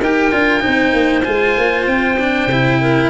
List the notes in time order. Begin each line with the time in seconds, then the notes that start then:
0.00 D#4 G4 A#4 G5
0.32 D4 F4
0.60 D#4 C5
0.67 C4
0.93 A#3
1.24 G#3 F4 G#5
1.57 A#3
1.86 C4 G5
2.19 D4
2.46 C3 E4
2.81 A#4